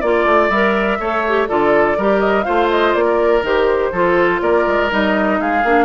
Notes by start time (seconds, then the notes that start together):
0.00 A#3 F4 D5
0.25 A3
0.49 G3 A#4 E5
0.99 A3 A4 C#5
1.27 G4
1.48 D3 F4 A4 D5
1.97 G3 G4 A#4
2.20 D#5
2.43 A3 F4 C5 F5
2.70 D#5
2.94 A#3 D5
3.04 A#4
3.42 D#3 G4 C5
3.92 F3 F4 A4
4.41 A#3 A#4 D5
4.67 G#3
4.89 G3 D#4 D#5
5.40 G#3 G#4 F5
5.64 A#3 D4